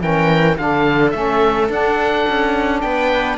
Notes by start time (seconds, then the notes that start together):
0.00 E3 C#4 A#4 G5
0.57 D3 D4 A4 F5
1.10 A3 C#4 E5
1.69 D4 F#5
2.29 C#4
2.80 B3 B4 G5